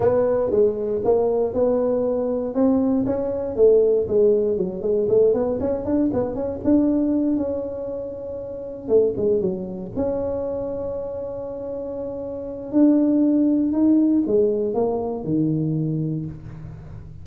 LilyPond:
\new Staff \with { instrumentName = "tuba" } { \time 4/4 \tempo 4 = 118 b4 gis4 ais4 b4~ | b4 c'4 cis'4 a4 | gis4 fis8 gis8 a8 b8 cis'8 d'8 | b8 cis'8 d'4. cis'4.~ |
cis'4. a8 gis8 fis4 cis'8~ | cis'1~ | cis'4 d'2 dis'4 | gis4 ais4 dis2 | }